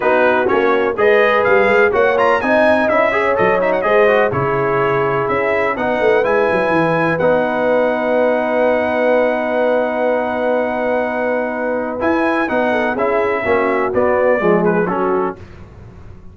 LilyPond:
<<
  \new Staff \with { instrumentName = "trumpet" } { \time 4/4 \tempo 4 = 125 b'4 cis''4 dis''4 f''4 | fis''8 ais''8 gis''4 e''4 dis''8 e''16 fis''16 | dis''4 cis''2 e''4 | fis''4 gis''2 fis''4~ |
fis''1~ | fis''1~ | fis''4 gis''4 fis''4 e''4~ | e''4 d''4. b'8 a'4 | }
  \new Staff \with { instrumentName = "horn" } { \time 4/4 fis'2 b'2 | cis''4 dis''4. cis''4. | c''4 gis'2. | b'1~ |
b'1~ | b'1~ | b'2~ b'8 a'8 gis'4 | fis'2 gis'4 fis'4 | }
  \new Staff \with { instrumentName = "trombone" } { \time 4/4 dis'4 cis'4 gis'2 | fis'8 f'8 dis'4 e'8 gis'8 a'8 dis'8 | gis'8 fis'8 e'2. | dis'4 e'2 dis'4~ |
dis'1~ | dis'1~ | dis'4 e'4 dis'4 e'4 | cis'4 b4 gis4 cis'4 | }
  \new Staff \with { instrumentName = "tuba" } { \time 4/4 b4 ais4 gis4 g8 gis8 | ais4 c'4 cis'4 fis4 | gis4 cis2 cis'4 | b8 a8 gis8 fis8 e4 b4~ |
b1~ | b1~ | b4 e'4 b4 cis'4 | ais4 b4 f4 fis4 | }
>>